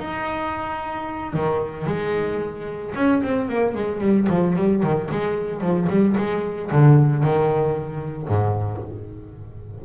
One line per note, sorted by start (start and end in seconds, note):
0.00 1.33 D#4
1.33 1.87 D#3
1.87 2.94 G#3
2.95 3.22 C#4
3.23 3.49 C4
3.49 3.75 A#3
3.75 4.01 G#3
4.01 4.28 G3
4.30 4.56 F3
4.56 4.83 G3
4.83 5.10 D#3
5.11 5.61 G#3
5.61 5.88 F3
5.89 6.16 G3
6.17 6.71 G#3
6.72 7.23 D3
7.23 8.28 D#3
8.28 8.82 G#2